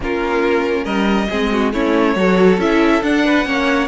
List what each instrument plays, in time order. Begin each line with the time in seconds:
0.00 cello A#3, viola C#4, violin F4 A#4
0.84 cello G3, violin A#4 D#5
1.29 cello G#3, viola C4, violin G#4
1.52 violin F#4
1.73 cello A3, viola C#4, violin E4 C#5
2.15 cello F#3, viola F#4, violin A4
2.57 cello C#4, viola E4, violin E5
3.02 viola D4, cello D4, violin F#5
3.25 violin B4
3.44 cello A#3, viola C#4, violin C#5